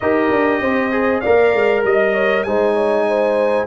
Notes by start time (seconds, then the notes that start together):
0.00 D#4 G4 A#4 D#5
0.30 D4
0.61 C4 C5
0.91 G#4
1.20 A#3 A#4 D5 F5
1.53 G#3
1.84 G3 D#5
2.14 C#5
2.43 G#3 D#4 C5 G#5
2.73 C#5
3.07 C5